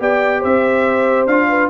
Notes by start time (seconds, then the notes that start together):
0.00 B3 G4 D5 G5
0.40 C4 C5 E5
1.27 D4 F4 F5
1.49 B4